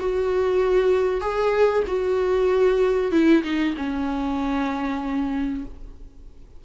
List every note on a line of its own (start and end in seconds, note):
0.00 1.21 F#4
1.21 1.84 G#4
1.88 3.12 F#4
3.12 3.43 E4
3.44 3.75 D#4
3.77 5.64 C#4